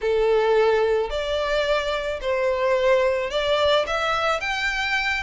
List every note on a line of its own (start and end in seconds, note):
0.01 1.10 A4
1.10 2.20 D5
2.21 3.30 C5
3.30 3.85 D5
3.86 4.40 E5
4.40 5.23 G5